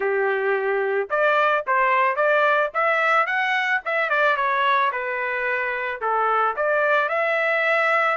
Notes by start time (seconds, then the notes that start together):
0.00 G4
1.10 D5
1.66 C5
2.15 D5
2.73 E5
3.26 F#5
3.85 E5
4.09 D5
4.36 C#5
4.91 B4
6.01 A4
6.56 D5
7.09 E5